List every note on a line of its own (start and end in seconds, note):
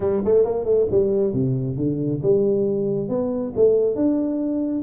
0.00 0.21 G3
0.24 0.45 A3
0.45 0.64 A#3
0.64 0.86 A3
0.90 1.33 G3
1.33 1.76 C3
1.76 2.21 D3
2.22 3.09 G3
3.09 3.53 B3
3.56 3.95 A3
3.95 4.82 D4